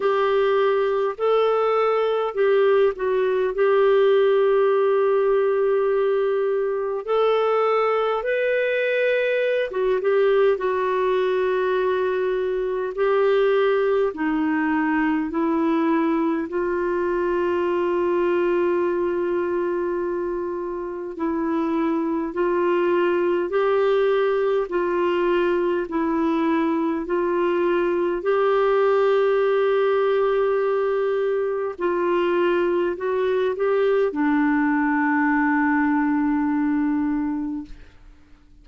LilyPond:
\new Staff \with { instrumentName = "clarinet" } { \time 4/4 \tempo 4 = 51 g'4 a'4 g'8 fis'8 g'4~ | g'2 a'4 b'4~ | b'16 fis'16 g'8 fis'2 g'4 | dis'4 e'4 f'2~ |
f'2 e'4 f'4 | g'4 f'4 e'4 f'4 | g'2. f'4 | fis'8 g'8 d'2. | }